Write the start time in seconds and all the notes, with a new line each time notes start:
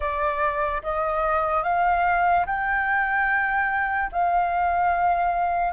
0.00 D5
0.82 D#5
1.63 F5
2.46 G5
4.12 F5